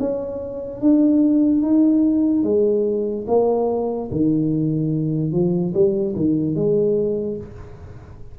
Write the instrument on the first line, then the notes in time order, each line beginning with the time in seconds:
tuba
0.00 C#4
0.81 D4
1.63 D#4
2.44 G#3
3.28 A#3
4.12 D#3
5.32 F3
5.74 G3
6.16 D#3
6.56 G#3